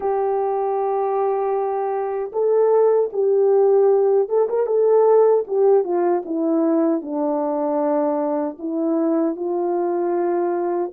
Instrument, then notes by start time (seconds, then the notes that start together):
horn
0.00 G4
2.32 A4
3.12 G4
4.28 A4
4.49 A#4
4.66 A4
5.47 G4
5.84 F4
6.25 E4
7.01 D4
8.59 E4
9.35 F4